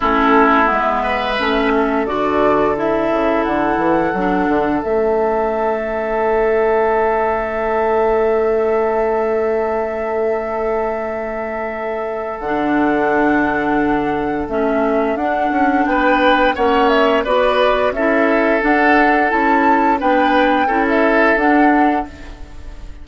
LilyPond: <<
  \new Staff \with { instrumentName = "flute" } { \time 4/4 \tempo 4 = 87 a'4 e''2 d''4 | e''4 fis''2 e''4~ | e''1~ | e''1~ |
e''2 fis''2~ | fis''4 e''4 fis''4 g''4 | fis''8 e''8 d''4 e''4 fis''4 | a''4 g''4~ g''16 e''8. fis''4 | }
  \new Staff \with { instrumentName = "oboe" } { \time 4/4 e'4. b'4 a'4.~ | a'1~ | a'1~ | a'1~ |
a'1~ | a'2. b'4 | cis''4 b'4 a'2~ | a'4 b'4 a'2 | }
  \new Staff \with { instrumentName = "clarinet" } { \time 4/4 cis'4 b4 cis'4 fis'4 | e'2 d'4 cis'4~ | cis'1~ | cis'1~ |
cis'2 d'2~ | d'4 cis'4 d'2 | cis'4 fis'4 e'4 d'4 | e'4 d'4 e'4 d'4 | }
  \new Staff \with { instrumentName = "bassoon" } { \time 4/4 a4 gis4 a4 d4~ | d8 cis8 d8 e8 fis8 d8 a4~ | a1~ | a1~ |
a2 d2~ | d4 a4 d'8 cis'8 b4 | ais4 b4 cis'4 d'4 | cis'4 b4 cis'4 d'4 | }
>>